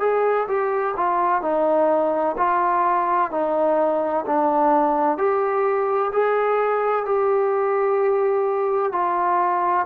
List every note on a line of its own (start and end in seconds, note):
0.00 0.47 G#4
0.48 0.95 G4
0.96 1.42 F4
1.42 2.36 D#4
2.37 3.31 F4
3.31 4.25 D#4
4.26 5.17 D4
5.17 6.11 G4
6.12 7.05 G#4
7.05 8.92 G4
8.92 9.86 F4